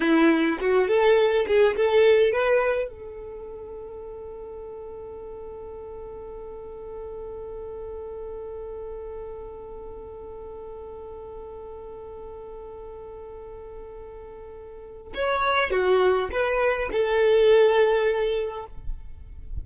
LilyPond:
\new Staff \with { instrumentName = "violin" } { \time 4/4 \tempo 4 = 103 e'4 fis'8 a'4 gis'8 a'4 | b'4 a'2.~ | a'1~ | a'1~ |
a'1~ | a'1~ | a'2 cis''4 fis'4 | b'4 a'2. | }